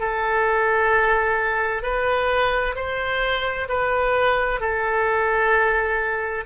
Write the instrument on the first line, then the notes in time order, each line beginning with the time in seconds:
oboe
0.00 A4
1.83 B4
2.76 C5
3.69 B4
4.60 A4